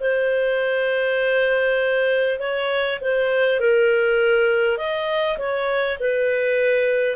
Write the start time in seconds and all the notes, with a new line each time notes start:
0.00 C5
2.39 C#5
3.01 C5
3.60 A#4
4.77 D#5
5.38 C#5
5.99 B4